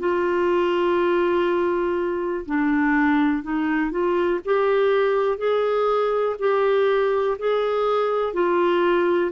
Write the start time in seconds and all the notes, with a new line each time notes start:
0.00 F4
2.46 D4
3.43 D#4
3.91 F4
4.45 G4
5.38 G#4
6.39 G4
7.39 G#4
8.33 F4